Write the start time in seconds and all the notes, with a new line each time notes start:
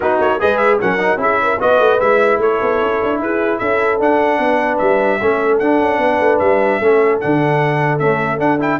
0.00 B3 D#4 F#4 B4
0.20 A#3 C#5
0.39 G#3 G#4 B4 D#5
0.57 E5
0.80 F#3 C#4 A#4 F#5
0.98 D#4
1.17 C#4 E4 G#4 E5
1.42 A#4
1.59 B3 F#4 B4 D#5
1.78 A3
1.99 G#3 E4 E5
2.38 A3 A4 C#5
2.61 B3
2.81 C#4
3.03 D4
3.19 E4 G#4 B4
3.58 C#4 A4 E5
4.00 D4 F#5
4.38 B3 B4
4.77 G3 E5
5.21 A3 C#4 A4
5.58 D4 F#5
5.79 C#4
5.98 B3 B4
6.20 A3
6.38 G3 E5
6.79 A3 C#4 A4
7.20 D3 D4 F#5
7.98 A3 C#4 E5
8.38 D4 F#5
8.59 E4 G5